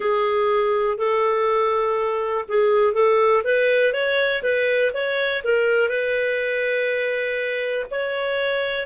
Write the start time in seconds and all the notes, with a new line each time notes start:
0.00 G#4
0.97 A4
2.48 G#4
2.93 A4
3.43 B4
3.93 C#5
4.42 B4
4.93 C#5
5.44 A#4
5.88 B4
7.90 C#5